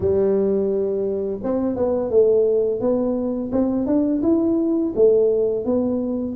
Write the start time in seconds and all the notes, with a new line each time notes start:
0.00 G3
1.43 C4
1.76 B3
2.10 A3
2.80 B3
3.52 C4
3.86 D4
4.22 E4
4.95 A3
5.65 B3